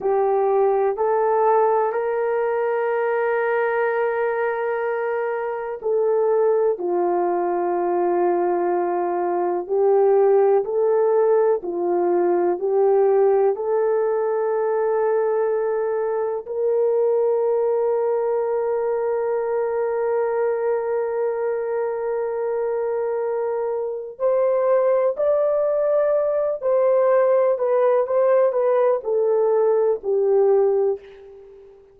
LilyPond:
\new Staff \with { instrumentName = "horn" } { \time 4/4 \tempo 4 = 62 g'4 a'4 ais'2~ | ais'2 a'4 f'4~ | f'2 g'4 a'4 | f'4 g'4 a'2~ |
a'4 ais'2.~ | ais'1~ | ais'4 c''4 d''4. c''8~ | c''8 b'8 c''8 b'8 a'4 g'4 | }